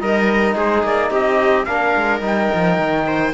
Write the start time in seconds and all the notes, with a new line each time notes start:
0.00 G3 D#4 A#4 D#5
0.55 G#3 G#4 C5
0.83 A#3 D5
1.10 C4 G4 D#5
1.65 A#3 D4 A#4 F5
1.96 G#3
2.21 G3 D#4 G5
2.55 F3
2.78 D#3
3.07 C5